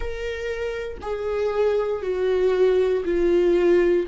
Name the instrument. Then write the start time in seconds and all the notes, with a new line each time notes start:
viola
0.00 A#4
1.01 G#4
2.02 F#4
3.05 F4